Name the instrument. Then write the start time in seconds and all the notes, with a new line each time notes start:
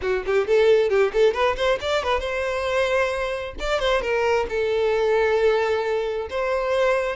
violin
0.01 F#4
0.26 G4
0.47 A4
0.89 G4
1.13 A4
1.33 B4
1.56 C5
1.80 D5
2.03 B4
2.19 C5
3.59 D5
3.79 C5
4.01 A#4
4.49 A4
6.30 C5